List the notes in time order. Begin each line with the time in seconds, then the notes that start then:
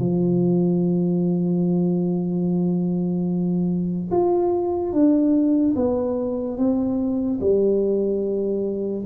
0.00 F3
4.12 F4
4.93 D4
5.76 B3
6.58 C4
7.40 G3